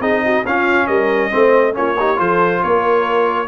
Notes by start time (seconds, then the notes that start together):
0.00 C4 D#4 G#4 D#5
0.26 F#4
0.46 C#4 F4 F5
0.87 G3 A#4 D#5
1.31 A3 C4 C5
1.74 A#3 C#4 F4 C#5
1.98 D#4 G4
2.16 F3 F4 A4 C5
2.63 A#3 A#4 C#5